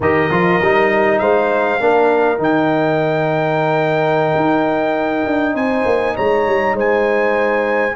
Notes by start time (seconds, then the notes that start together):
0.00 D#3 G4 A#4 D#5
0.30 F3 F4
0.60 G3 D#4
1.18 G#3 C5 F5
1.80 A#3 D4 A#4
2.37 D#3 D#4 G5
4.35 D#4
5.25 D4
5.54 C4 C5 G#5
5.85 A#3
6.15 G#3 C#5 A#5
6.46 G3
6.73 G#3 C5 G#5